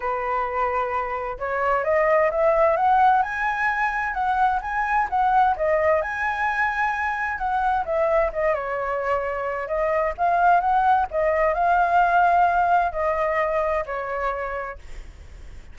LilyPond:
\new Staff \with { instrumentName = "flute" } { \time 4/4 \tempo 4 = 130 b'2. cis''4 | dis''4 e''4 fis''4 gis''4~ | gis''4 fis''4 gis''4 fis''4 | dis''4 gis''2. |
fis''4 e''4 dis''8 cis''4.~ | cis''4 dis''4 f''4 fis''4 | dis''4 f''2. | dis''2 cis''2 | }